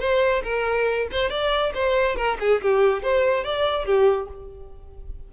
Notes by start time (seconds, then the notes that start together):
0.00 C5
0.44 A#4
1.12 C5
1.30 D5
1.74 C5
2.16 A#4
2.40 G#4
2.62 G4
3.03 C5
3.44 D5
3.86 G4